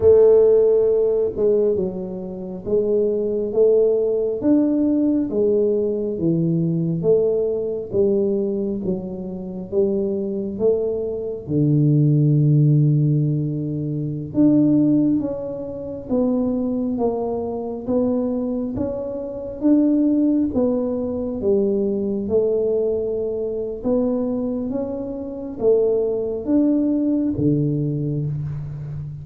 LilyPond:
\new Staff \with { instrumentName = "tuba" } { \time 4/4 \tempo 4 = 68 a4. gis8 fis4 gis4 | a4 d'4 gis4 e4 | a4 g4 fis4 g4 | a4 d2.~ |
d16 d'4 cis'4 b4 ais8.~ | ais16 b4 cis'4 d'4 b8.~ | b16 g4 a4.~ a16 b4 | cis'4 a4 d'4 d4 | }